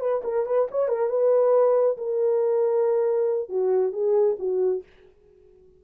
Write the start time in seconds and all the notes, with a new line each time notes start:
0.00 B4
0.24 A#4
0.46 B4
0.71 C#5
0.88 A#4
1.09 B4
1.97 A#4
3.49 F#4
3.93 G#4
4.39 F#4